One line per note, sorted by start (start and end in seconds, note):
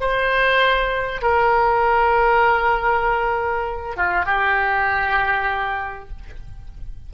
0.00 1.22 C5
1.22 3.96 A#4
3.96 4.25 F4
4.25 6.09 G4